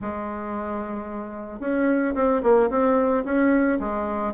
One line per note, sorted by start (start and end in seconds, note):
0.01 1.60 G#3
1.60 2.14 C#4
2.14 2.42 C4
2.42 2.69 A#3
2.70 3.24 C4
3.24 3.78 C#4
3.79 4.33 G#3